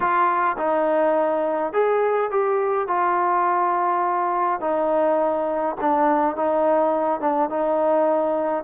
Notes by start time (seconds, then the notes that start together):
0.00 F4
0.57 D#4
1.73 G#4
2.31 G4
2.87 F4
4.60 D#4
5.80 D4
6.35 D#4
7.20 D4
7.49 D#4